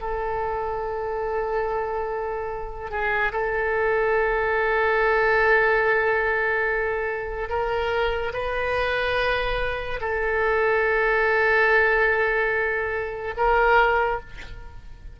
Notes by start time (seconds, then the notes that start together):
0.00 A4
2.90 G#4
3.32 A4
7.48 A#4
8.33 B4
10.00 A4
13.36 A#4